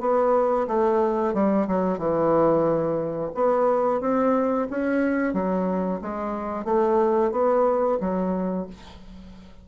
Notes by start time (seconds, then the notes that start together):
0.00 B3
0.67 A3
1.33 G3
1.67 F#3
1.98 E3
3.34 B3
4.00 C4
4.70 C#4
5.33 F#3
6.01 G#3
6.65 A3
7.31 B3
8.00 F#3